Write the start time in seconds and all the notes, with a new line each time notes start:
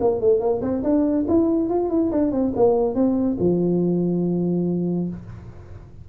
0.00 A#3
0.20 A3
0.40 A#3
0.61 C4
0.83 D4
1.28 E4
1.69 F4
1.89 E4
2.11 D4
2.31 C4
2.56 A#3
2.94 C4
3.39 F3